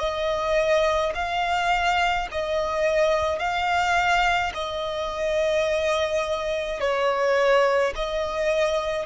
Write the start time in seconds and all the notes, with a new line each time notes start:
0.00 D#5
1.15 F5
2.32 D#5
3.40 F5
4.55 D#5
6.81 C#5
7.96 D#5